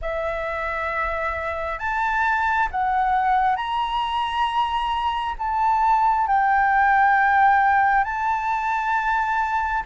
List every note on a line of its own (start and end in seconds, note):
0.01 1.79 E5
1.79 2.68 A5
2.71 3.55 F#5
3.55 5.34 A#5
5.38 6.27 A5
6.27 8.04 G5
8.04 9.83 A5